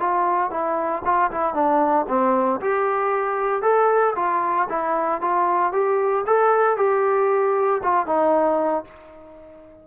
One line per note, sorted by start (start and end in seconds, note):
0.00 0.51 F4
0.51 1.03 E4
1.05 1.31 F4
1.32 1.54 E4
1.54 2.06 D4
2.09 2.61 C4
2.61 3.62 G4
3.62 4.15 A4
4.16 4.68 F4
4.69 5.22 E4
5.22 5.73 F4
5.73 6.25 G4
6.27 6.77 A4
6.77 7.82 G4
7.83 8.07 F4
8.07 8.85 D#4